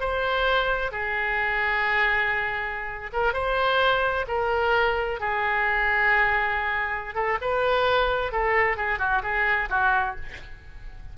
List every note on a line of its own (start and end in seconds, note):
0.00 0.92 C5
0.92 3.11 G#4
3.13 3.33 A#4
3.33 4.26 C5
4.28 5.20 A#4
5.20 7.15 G#4
7.15 7.38 A4
7.41 8.32 B4
8.32 8.77 A4
8.77 8.99 G#4
8.99 9.22 F#4
9.23 9.69 G#4
9.70 10.16 F#4